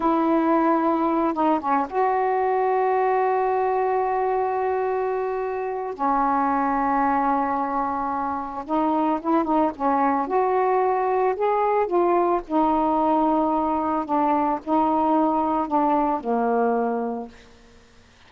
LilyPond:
\new Staff \with { instrumentName = "saxophone" } { \time 4/4 \tempo 4 = 111 e'2~ e'8 dis'8 cis'8 fis'8~ | fis'1~ | fis'2. cis'4~ | cis'1 |
dis'4 e'8 dis'8 cis'4 fis'4~ | fis'4 gis'4 f'4 dis'4~ | dis'2 d'4 dis'4~ | dis'4 d'4 ais2 | }